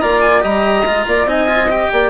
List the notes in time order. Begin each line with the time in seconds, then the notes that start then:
0.00 A#3 F4 D5 A#5
0.21 G#5
0.41 G3 G4 D#5 A#5
0.85 G#3 F4
1.07 A#3 D5
1.25 C4 D#4 D#5 G#5
1.47 F4
1.69 G4 G5
1.92 A#3 D5